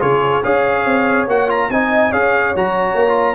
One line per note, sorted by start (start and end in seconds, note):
0.00 0.44 C#3
0.00 0.42 F4
0.00 0.42 G#4
0.00 0.43 C#5
0.42 0.85 C#4
0.42 1.28 G#4
0.42 1.68 C#5
0.42 1.27 F5
0.85 1.27 C4
1.27 1.69 A#3
1.27 1.48 F#4
1.27 1.50 F#5
1.48 1.69 F4
1.48 1.71 A#5
1.70 2.12 C4
1.70 2.12 D#4
1.70 2.11 D#5
1.70 2.12 G#5
2.11 2.54 C#4
2.11 2.54 G#4
2.11 3.35 C#5
2.11 2.54 F5
2.55 2.94 F#3
2.55 3.07 F#4
2.55 3.35 A#5
2.94 3.35 A#3
3.07 3.35 F4